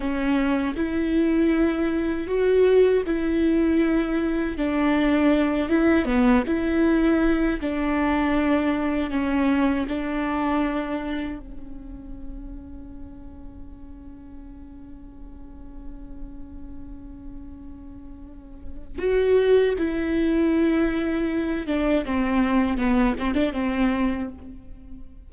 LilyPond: \new Staff \with { instrumentName = "viola" } { \time 4/4 \tempo 4 = 79 cis'4 e'2 fis'4 | e'2 d'4. e'8 | b8 e'4. d'2 | cis'4 d'2 cis'4~ |
cis'1~ | cis'1~ | cis'4 fis'4 e'2~ | e'8 d'8 c'4 b8 c'16 d'16 c'4 | }